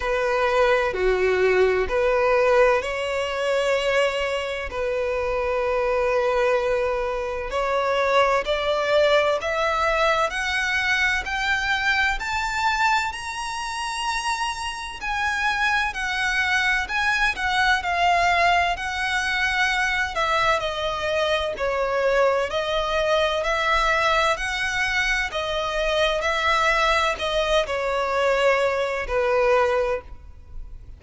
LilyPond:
\new Staff \with { instrumentName = "violin" } { \time 4/4 \tempo 4 = 64 b'4 fis'4 b'4 cis''4~ | cis''4 b'2. | cis''4 d''4 e''4 fis''4 | g''4 a''4 ais''2 |
gis''4 fis''4 gis''8 fis''8 f''4 | fis''4. e''8 dis''4 cis''4 | dis''4 e''4 fis''4 dis''4 | e''4 dis''8 cis''4. b'4 | }